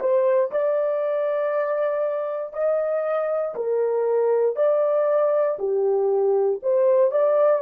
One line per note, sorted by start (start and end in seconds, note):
0.00 0.51 C5
0.51 2.53 D5
2.53 3.55 D#5
3.55 4.56 A#4
4.56 5.58 D5
5.59 6.61 G4
6.62 7.11 C5
7.11 7.62 D5